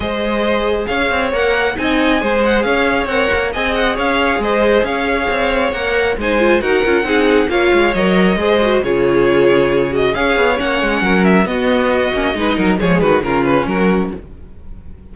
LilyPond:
<<
  \new Staff \with { instrumentName = "violin" } { \time 4/4 \tempo 4 = 136 dis''2 f''4 fis''4 | gis''4. fis''8 f''4 fis''4 | gis''8 fis''8 f''4 dis''4 f''4~ | f''4 fis''4 gis''4 fis''4~ |
fis''4 f''4 dis''2 | cis''2~ cis''8 dis''8 f''4 | fis''4. e''8 dis''2~ | dis''4 cis''8 b'8 ais'8 b'8 ais'4 | }
  \new Staff \with { instrumentName = "violin" } { \time 4/4 c''2 cis''2 | dis''4 c''4 cis''2 | dis''4 cis''4 c''4 cis''4~ | cis''2 c''4 ais'4 |
gis'4 cis''2 c''4 | gis'2. cis''4~ | cis''4 ais'4 fis'2 | b'8 ais'8 gis'8 fis'8 f'4 fis'4 | }
  \new Staff \with { instrumentName = "viola" } { \time 4/4 gis'2. ais'4 | dis'4 gis'2 ais'4 | gis'1~ | gis'4 ais'4 dis'8 f'8 fis'8 f'8 |
dis'4 f'4 ais'4 gis'8 fis'8 | f'2~ f'8 fis'8 gis'4 | cis'2 b4. cis'8 | dis'4 gis4 cis'2 | }
  \new Staff \with { instrumentName = "cello" } { \time 4/4 gis2 cis'8 c'8 ais4 | c'4 gis4 cis'4 c'8 ais8 | c'4 cis'4 gis4 cis'4 | c'4 ais4 gis4 dis'8 cis'8 |
c'4 ais8 gis8 fis4 gis4 | cis2. cis'8 b8 | ais8 gis8 fis4 b4. ais8 | gis8 fis8 f8 dis8 cis4 fis4 | }
>>